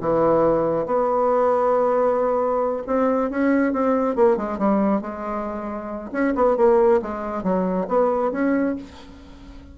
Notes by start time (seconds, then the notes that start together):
0.00 E3
0.86 B3
2.86 C4
3.30 C#4
3.72 C4
4.15 A#3
4.36 G#3
4.58 G3
5.01 G#3
6.12 C#4
6.35 B3
6.57 A#3
7.02 G#3
7.43 F#3
7.88 B3
8.31 C#4